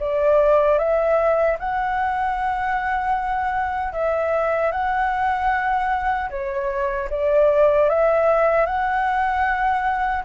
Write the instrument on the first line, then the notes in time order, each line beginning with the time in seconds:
flute
0.00 D5
0.79 E5
1.59 F#5
3.93 E5
4.72 F#5
6.31 C#5
7.11 D5
7.90 E5
8.66 F#5